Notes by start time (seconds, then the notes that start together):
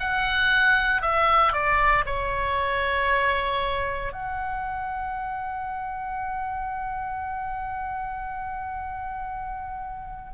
0.00 F#5
1.02 E5
1.53 D5
2.06 C#5
4.13 F#5